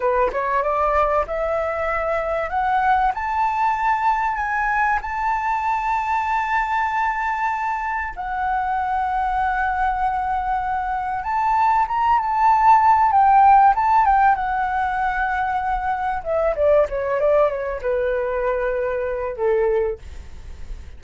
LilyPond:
\new Staff \with { instrumentName = "flute" } { \time 4/4 \tempo 4 = 96 b'8 cis''8 d''4 e''2 | fis''4 a''2 gis''4 | a''1~ | a''4 fis''2.~ |
fis''2 a''4 ais''8 a''8~ | a''4 g''4 a''8 g''8 fis''4~ | fis''2 e''8 d''8 cis''8 d''8 | cis''8 b'2~ b'8 a'4 | }